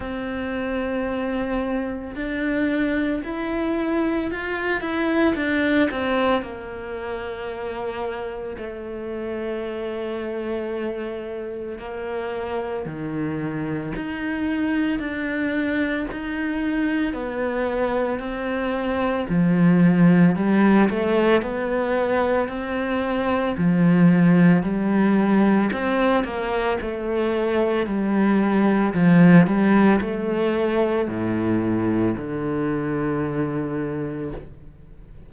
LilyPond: \new Staff \with { instrumentName = "cello" } { \time 4/4 \tempo 4 = 56 c'2 d'4 e'4 | f'8 e'8 d'8 c'8 ais2 | a2. ais4 | dis4 dis'4 d'4 dis'4 |
b4 c'4 f4 g8 a8 | b4 c'4 f4 g4 | c'8 ais8 a4 g4 f8 g8 | a4 a,4 d2 | }